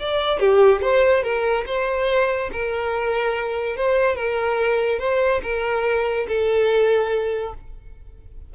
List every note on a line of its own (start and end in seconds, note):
0.00 0.40 D5
0.40 0.82 G4
0.82 1.23 C5
1.23 1.65 A#4
1.67 2.51 C5
2.53 3.77 A#4
3.77 4.16 C5
4.16 5.00 A#4
5.00 5.42 C5
5.43 6.27 A#4
6.28 7.54 A4